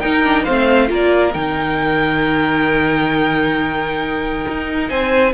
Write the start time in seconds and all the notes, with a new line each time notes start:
0.00 D#4 A#4 G5
0.23 D4
0.44 A3 C4 C5 F5
0.88 A#3 F4 A#4
0.94 D5
1.33 D#3 D#4 G5
4.48 D#4
4.89 C4 C5 G#5